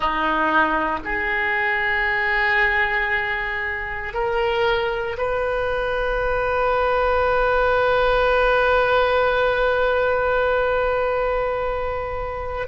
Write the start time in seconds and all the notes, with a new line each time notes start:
0.00 D#4
1.04 G#4
4.13 A#4
5.17 B4